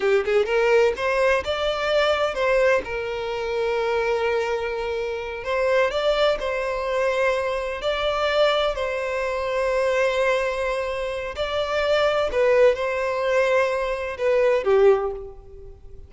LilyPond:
\new Staff \with { instrumentName = "violin" } { \time 4/4 \tempo 4 = 127 g'8 gis'8 ais'4 c''4 d''4~ | d''4 c''4 ais'2~ | ais'2.~ ais'8 c''8~ | c''8 d''4 c''2~ c''8~ |
c''8 d''2 c''4.~ | c''1 | d''2 b'4 c''4~ | c''2 b'4 g'4 | }